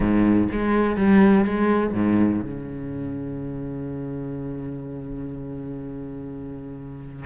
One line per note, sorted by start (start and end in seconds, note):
0.00 0.48 G#2
0.52 0.96 G#3
0.96 1.44 G3
1.44 1.93 G#3
1.93 2.41 G#2
2.41 7.25 C#3